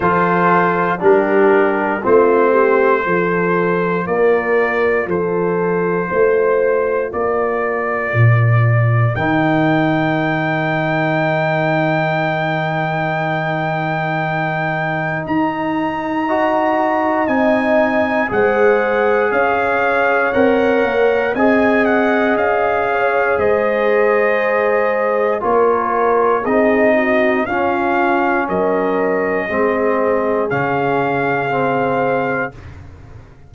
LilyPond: <<
  \new Staff \with { instrumentName = "trumpet" } { \time 4/4 \tempo 4 = 59 c''4 ais'4 c''2 | d''4 c''2 d''4~ | d''4 g''2.~ | g''2. ais''4~ |
ais''4 gis''4 fis''4 f''4 | fis''4 gis''8 fis''8 f''4 dis''4~ | dis''4 cis''4 dis''4 f''4 | dis''2 f''2 | }
  \new Staff \with { instrumentName = "horn" } { \time 4/4 a'4 g'4 f'8 g'8 a'4 | ais'4 a'4 c''4 ais'4~ | ais'1~ | ais'1 |
dis''2 c''4 cis''4~ | cis''4 dis''4. cis''8 c''4~ | c''4 ais'4 gis'8 fis'8 f'4 | ais'4 gis'2. | }
  \new Staff \with { instrumentName = "trombone" } { \time 4/4 f'4 d'4 c'4 f'4~ | f'1~ | f'4 dis'2.~ | dis'1 |
fis'4 dis'4 gis'2 | ais'4 gis'2.~ | gis'4 f'4 dis'4 cis'4~ | cis'4 c'4 cis'4 c'4 | }
  \new Staff \with { instrumentName = "tuba" } { \time 4/4 f4 g4 a4 f4 | ais4 f4 a4 ais4 | ais,4 dis2.~ | dis2. dis'4~ |
dis'4 c'4 gis4 cis'4 | c'8 ais8 c'4 cis'4 gis4~ | gis4 ais4 c'4 cis'4 | fis4 gis4 cis2 | }
>>